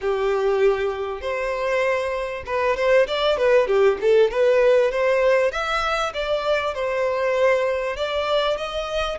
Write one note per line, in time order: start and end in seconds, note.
0.01 1.21 G4
1.21 2.43 C5
2.46 2.76 B4
2.76 3.06 C5
3.07 3.37 D5
3.37 3.67 B4
3.67 3.97 G4
4.01 4.30 A4
4.30 4.91 B4
4.91 5.51 C5
5.51 6.13 E5
6.13 6.74 D5
6.74 7.96 C5
7.96 8.57 D5
8.57 9.18 D#5